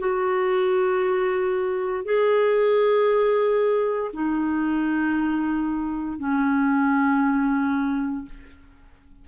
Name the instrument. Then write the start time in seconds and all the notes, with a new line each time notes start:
clarinet
0.00 F#4
2.05 G#4
4.13 D#4
6.19 C#4